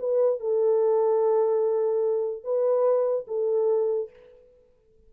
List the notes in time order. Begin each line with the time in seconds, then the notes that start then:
0.00 B4
0.40 A4
2.44 B4
3.28 A4